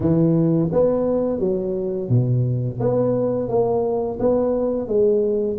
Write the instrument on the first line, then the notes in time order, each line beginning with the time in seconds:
tuba
0.00 E3
0.72 B3
1.39 F#3
2.09 B2
2.80 B3
3.48 A#3
4.19 B3
4.87 G#3